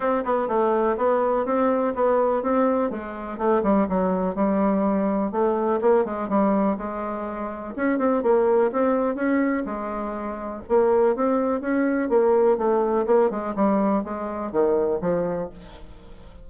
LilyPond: \new Staff \with { instrumentName = "bassoon" } { \time 4/4 \tempo 4 = 124 c'8 b8 a4 b4 c'4 | b4 c'4 gis4 a8 g8 | fis4 g2 a4 | ais8 gis8 g4 gis2 |
cis'8 c'8 ais4 c'4 cis'4 | gis2 ais4 c'4 | cis'4 ais4 a4 ais8 gis8 | g4 gis4 dis4 f4 | }